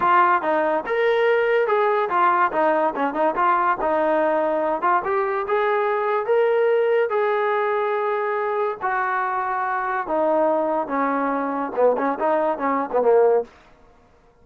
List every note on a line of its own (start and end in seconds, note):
0.00 0.42 F4
0.42 0.84 D#4
0.86 1.67 A#4
1.67 2.09 G#4
2.09 2.51 F4
2.52 2.94 D#4
2.95 3.14 C#4
3.14 3.35 D#4
3.35 3.77 F4
3.81 4.81 D#4
4.81 5.02 F4
5.04 5.46 G4
5.47 6.26 G#4
6.26 7.09 A#4
7.09 8.77 G#4
8.81 10.07 F#4
10.07 10.87 D#4
10.87 11.71 C#4
11.75 11.96 B3
11.97 12.18 C#4
12.19 12.58 D#4
12.58 12.89 C#4
12.92 13.01 B3
13.01 13.43 A#3